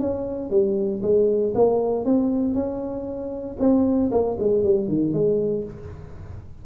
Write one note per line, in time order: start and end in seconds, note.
0.00 0.50 C#4
0.50 1.02 G3
1.02 1.54 G#3
1.55 2.05 A#3
2.05 2.54 C4
2.54 3.57 C#4
3.59 4.11 C4
4.12 4.37 A#3
4.40 4.64 G#3
4.64 4.88 G3
4.88 5.13 D#3
5.13 5.64 G#3